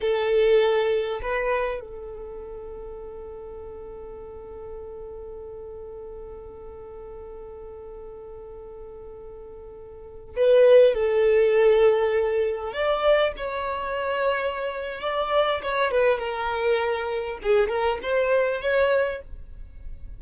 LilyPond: \new Staff \with { instrumentName = "violin" } { \time 4/4 \tempo 4 = 100 a'2 b'4 a'4~ | a'1~ | a'1~ | a'1~ |
a'4~ a'16 b'4 a'4.~ a'16~ | a'4~ a'16 d''4 cis''4.~ cis''16~ | cis''4 d''4 cis''8 b'8 ais'4~ | ais'4 gis'8 ais'8 c''4 cis''4 | }